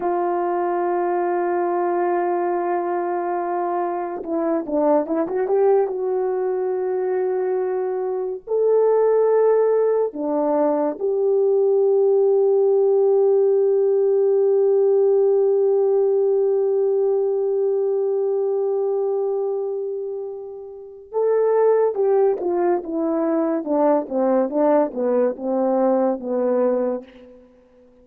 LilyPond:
\new Staff \with { instrumentName = "horn" } { \time 4/4 \tempo 4 = 71 f'1~ | f'4 e'8 d'8 e'16 fis'16 g'8 fis'4~ | fis'2 a'2 | d'4 g'2.~ |
g'1~ | g'1~ | g'4 a'4 g'8 f'8 e'4 | d'8 c'8 d'8 b8 c'4 b4 | }